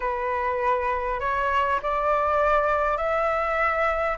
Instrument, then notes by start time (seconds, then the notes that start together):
flute
0.00 B4
1.19 C#5
1.82 D5
2.97 E5